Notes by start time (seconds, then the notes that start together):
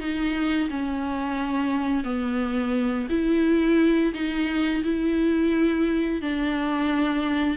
0.00 D#4
0.70 C#4
2.04 B3
3.10 E4
4.14 D#4
4.84 E4
6.22 D4